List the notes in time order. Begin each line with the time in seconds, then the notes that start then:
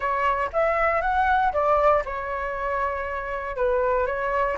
0.00 C#5
0.52 E5
1.01 F#5
1.52 D5
2.05 C#5
3.56 B4
4.06 C#5